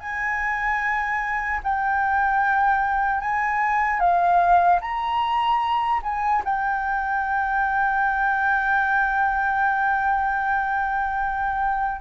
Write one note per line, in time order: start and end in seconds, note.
0.00 1.60 G#5
1.64 3.21 G5
3.21 4.00 G#5
4.00 4.80 F5
4.81 6.01 A#5
6.03 6.43 G#5
6.44 12.01 G5